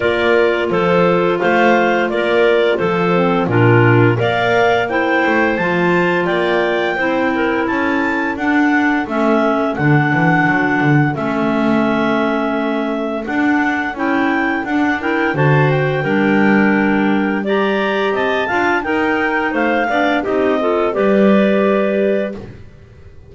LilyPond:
<<
  \new Staff \with { instrumentName = "clarinet" } { \time 4/4 \tempo 4 = 86 d''4 c''4 f''4 d''4 | c''4 ais'4 f''4 g''4 | a''4 g''2 a''4 | fis''4 e''4 fis''2 |
e''2. fis''4 | g''4 fis''8 g''8 a''8 g''4.~ | g''4 ais''4 a''4 g''4 | f''4 dis''4 d''2 | }
  \new Staff \with { instrumentName = "clarinet" } { \time 4/4 ais'4 a'4 c''4 ais'4 | a'4 f'4 d''4 c''4~ | c''4 d''4 c''8 ais'8 a'4~ | a'1~ |
a'1~ | a'4. ais'8 c''4 ais'4~ | ais'4 d''4 dis''8 f''8 ais'4 | c''8 d''8 g'8 a'8 b'2 | }
  \new Staff \with { instrumentName = "clarinet" } { \time 4/4 f'1~ | f'8 c'8 d'4 ais'4 e'4 | f'2 e'2 | d'4 cis'4 d'2 |
cis'2. d'4 | e'4 d'8 e'8 fis'4 d'4~ | d'4 g'4. f'8 dis'4~ | dis'8 d'8 dis'8 f'8 g'2 | }
  \new Staff \with { instrumentName = "double bass" } { \time 4/4 ais4 f4 a4 ais4 | f4 ais,4 ais4. a8 | f4 ais4 c'4 cis'4 | d'4 a4 d8 e8 fis8 d8 |
a2. d'4 | cis'4 d'4 d4 g4~ | g2 c'8 d'8 dis'4 | a8 b8 c'4 g2 | }
>>